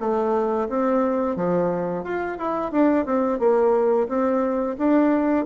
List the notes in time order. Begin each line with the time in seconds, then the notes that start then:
0.00 A3
0.68 C4
1.36 F3
2.04 F4
2.38 E4
2.71 D4
3.06 C4
3.39 A#3
4.08 C4
4.78 D4